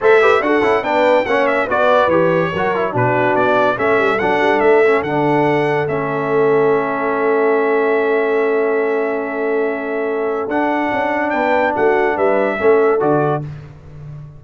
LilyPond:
<<
  \new Staff \with { instrumentName = "trumpet" } { \time 4/4 \tempo 4 = 143 e''4 fis''4 g''4 fis''8 e''8 | d''4 cis''2 b'4 | d''4 e''4 fis''4 e''4 | fis''2 e''2~ |
e''1~ | e''1~ | e''4 fis''2 g''4 | fis''4 e''2 d''4 | }
  \new Staff \with { instrumentName = "horn" } { \time 4/4 c''8 b'8 a'4 b'4 cis''4 | b'2 ais'4 fis'4~ | fis'4 a'2.~ | a'1~ |
a'1~ | a'1~ | a'2. b'4 | fis'4 b'4 a'2 | }
  \new Staff \with { instrumentName = "trombone" } { \time 4/4 a'8 g'8 fis'8 e'8 d'4 cis'4 | fis'4 g'4 fis'8 e'8 d'4~ | d'4 cis'4 d'4. cis'8 | d'2 cis'2~ |
cis'1~ | cis'1~ | cis'4 d'2.~ | d'2 cis'4 fis'4 | }
  \new Staff \with { instrumentName = "tuba" } { \time 4/4 a4 d'8 cis'8 b4 ais4 | b4 e4 fis4 b,4 | b4 a8 g8 fis8 g8 a4 | d2 a2~ |
a1~ | a1~ | a4 d'4 cis'4 b4 | a4 g4 a4 d4 | }
>>